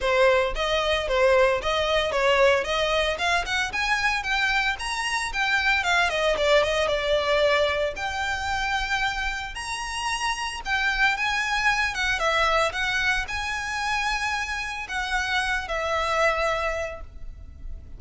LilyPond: \new Staff \with { instrumentName = "violin" } { \time 4/4 \tempo 4 = 113 c''4 dis''4 c''4 dis''4 | cis''4 dis''4 f''8 fis''8 gis''4 | g''4 ais''4 g''4 f''8 dis''8 | d''8 dis''8 d''2 g''4~ |
g''2 ais''2 | g''4 gis''4. fis''8 e''4 | fis''4 gis''2. | fis''4. e''2~ e''8 | }